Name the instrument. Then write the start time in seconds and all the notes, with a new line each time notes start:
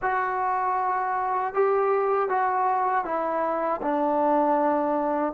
trombone
0.02 F#4
1.54 G4
2.29 F#4
3.04 E4
3.81 D4